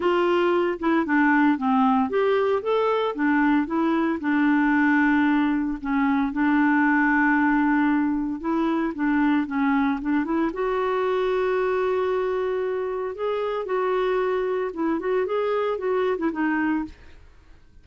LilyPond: \new Staff \with { instrumentName = "clarinet" } { \time 4/4 \tempo 4 = 114 f'4. e'8 d'4 c'4 | g'4 a'4 d'4 e'4 | d'2. cis'4 | d'1 |
e'4 d'4 cis'4 d'8 e'8 | fis'1~ | fis'4 gis'4 fis'2 | e'8 fis'8 gis'4 fis'8. e'16 dis'4 | }